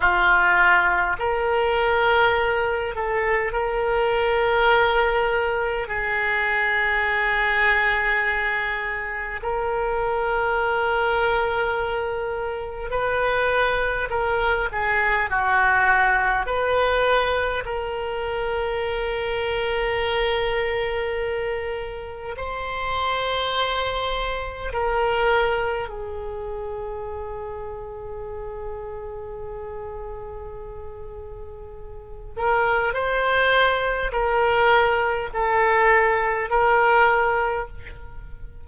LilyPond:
\new Staff \with { instrumentName = "oboe" } { \time 4/4 \tempo 4 = 51 f'4 ais'4. a'8 ais'4~ | ais'4 gis'2. | ais'2. b'4 | ais'8 gis'8 fis'4 b'4 ais'4~ |
ais'2. c''4~ | c''4 ais'4 gis'2~ | gis'2.~ gis'8 ais'8 | c''4 ais'4 a'4 ais'4 | }